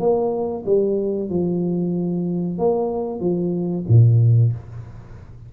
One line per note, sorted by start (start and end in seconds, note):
0.00 0.65 A#3
0.66 1.30 G3
1.30 2.59 F3
2.59 3.21 A#3
3.21 3.85 F3
3.89 4.53 A#2